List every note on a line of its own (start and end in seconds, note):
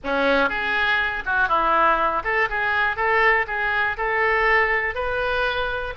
0.03 0.49 C#4
0.49 1.23 G#4
1.25 1.48 F#4
1.48 2.22 E4
2.24 2.48 A4
2.49 2.96 G#4
2.96 3.46 A4
3.47 3.96 G#4
3.97 4.95 A4
4.95 5.94 B4